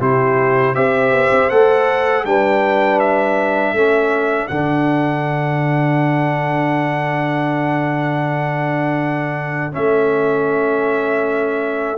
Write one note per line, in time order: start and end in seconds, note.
0.00 0.75 C3
0.00 0.75 E4
0.00 0.75 G4
0.00 0.75 C5
0.75 1.12 C4
0.75 1.50 G4
0.75 2.27 C5
0.75 1.50 E5
1.12 1.31 B3
1.31 1.50 C4
1.50 2.25 A3
1.50 2.25 A4
1.50 2.25 F#5
2.25 3.73 G3
2.25 3.75 D4
2.25 3.76 B4
2.25 3.00 G5
3.00 4.48 E5
3.73 4.48 A3
3.73 4.50 C#4
3.73 11.98 A4
4.48 9.75 D3
4.48 9.72 D4
4.48 9.73 F#5
9.72 11.98 A3
9.72 11.97 C#4
9.72 11.98 E5